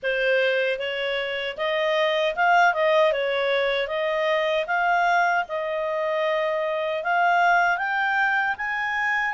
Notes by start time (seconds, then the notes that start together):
0.02 C5
0.79 C#5
1.57 D#5
2.35 F5
2.73 D#5
3.12 C#5
3.87 D#5
4.66 F5
5.48 D#5
7.03 F5
7.77 G5
8.57 G#5